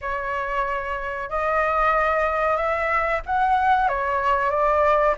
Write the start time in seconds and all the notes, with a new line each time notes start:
0.01 C#5
1.29 D#5
2.56 E5
3.26 F#5
3.88 C#5
4.50 D5